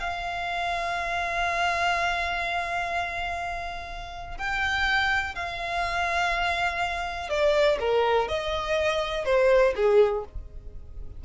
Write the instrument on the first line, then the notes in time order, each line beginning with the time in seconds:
violin
0.00 F5
4.38 G5
5.35 F5
7.30 D5
7.80 A#4
8.28 D#5
9.25 C5
9.76 G#4